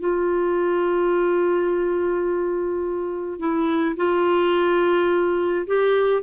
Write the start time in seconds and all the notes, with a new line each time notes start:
0.00 F4
3.40 E4
3.97 F4
5.68 G4